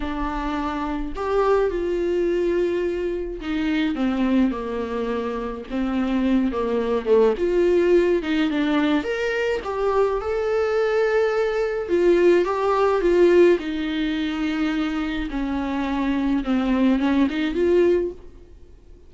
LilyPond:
\new Staff \with { instrumentName = "viola" } { \time 4/4 \tempo 4 = 106 d'2 g'4 f'4~ | f'2 dis'4 c'4 | ais2 c'4. ais8~ | ais8 a8 f'4. dis'8 d'4 |
ais'4 g'4 a'2~ | a'4 f'4 g'4 f'4 | dis'2. cis'4~ | cis'4 c'4 cis'8 dis'8 f'4 | }